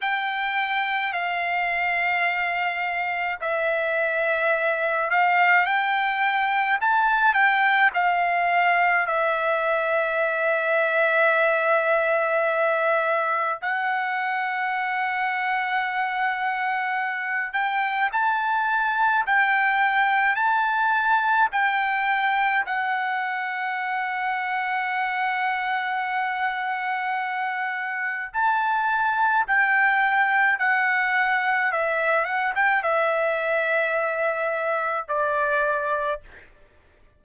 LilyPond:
\new Staff \with { instrumentName = "trumpet" } { \time 4/4 \tempo 4 = 53 g''4 f''2 e''4~ | e''8 f''8 g''4 a''8 g''8 f''4 | e''1 | fis''2.~ fis''8 g''8 |
a''4 g''4 a''4 g''4 | fis''1~ | fis''4 a''4 g''4 fis''4 | e''8 fis''16 g''16 e''2 d''4 | }